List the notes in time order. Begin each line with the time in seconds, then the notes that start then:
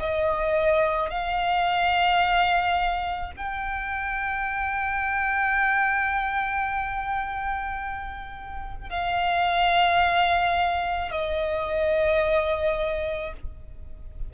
0.00 D#5
1.10 F5
3.37 G5
8.90 F5
11.12 D#5